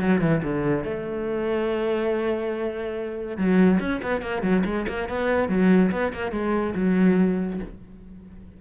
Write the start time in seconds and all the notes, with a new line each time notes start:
0.00 F#3
0.21 E3
0.43 D3
0.84 A3
3.37 F#3
3.80 C#4
4.02 B3
4.22 A#3
4.42 F#3
4.65 G#3
4.88 A#3
5.09 B3
5.49 F#3
5.92 B3
6.13 A#3
6.32 G#3
6.75 F#3